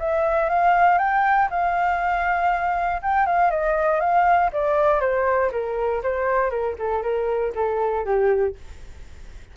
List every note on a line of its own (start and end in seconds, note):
0.00 0.50 E5
0.50 0.99 F5
0.99 1.49 G5
1.51 3.02 F5
3.03 3.27 G5
3.27 3.51 F5
3.51 4.01 D#5
4.01 4.51 F5
4.53 5.01 D5
5.01 5.51 C5
5.52 6.03 A#4
6.03 6.50 C5
6.50 6.76 A#4
6.79 7.03 A4
7.03 7.53 A#4
7.55 8.06 A4
8.06 8.56 G4